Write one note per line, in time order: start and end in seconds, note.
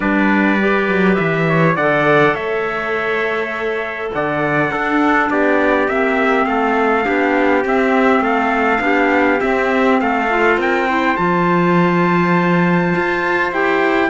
0.00 0.87 G3
0.00 0.58 D4
0.00 1.46 B4
0.00 1.14 D5
0.59 1.77 G4
0.87 1.17 F#3
1.14 1.77 E3
1.14 1.73 E5
1.48 1.76 C#5
1.76 2.33 D3
1.76 4.72 A4
1.76 2.34 D5
1.76 2.35 F#5
2.33 4.10 A3
2.33 4.10 C#5
2.33 4.11 E5
4.14 4.70 D3
4.14 4.71 D5
4.14 5.30 F#5
4.70 5.29 D4
4.70 5.88 D4
4.70 5.30 A4
5.30 5.88 B3
5.30 6.48 G4
5.30 5.88 D5
5.88 6.45 A#3
5.88 7.04 C4
5.88 6.46 E5
6.45 7.04 A3
6.45 7.05 A4
6.45 7.63 F5
7.04 7.64 B3
7.04 7.62 D4
7.04 8.23 G4
7.64 8.79 C4
7.64 8.19 C4
7.64 8.23 E5
8.19 8.78 A3
8.19 8.82 A4
8.19 9.40 F5
8.79 9.39 B3
8.79 9.38 D4
8.85 10.02 G4
9.40 10.28 C4
9.40 10.01 C4
9.40 9.99 E5
10.00 10.57 A3
10.00 10.59 A4
10.00 10.59 F5
10.29 10.88 F4
10.57 11.16 C4
10.57 10.88 A#4
10.57 11.16 G5
10.88 11.17 E4
10.88 14.09 C5
11.16 12.94 F3
11.16 13.52 F4
11.16 13.51 A5
12.95 13.52 F4
13.52 14.09 E4
13.52 14.09 G4
13.52 14.09 G5